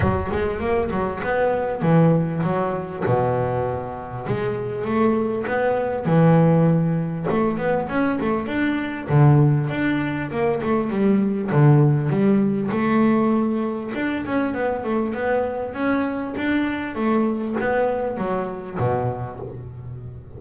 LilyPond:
\new Staff \with { instrumentName = "double bass" } { \time 4/4 \tempo 4 = 99 fis8 gis8 ais8 fis8 b4 e4 | fis4 b,2 gis4 | a4 b4 e2 | a8 b8 cis'8 a8 d'4 d4 |
d'4 ais8 a8 g4 d4 | g4 a2 d'8 cis'8 | b8 a8 b4 cis'4 d'4 | a4 b4 fis4 b,4 | }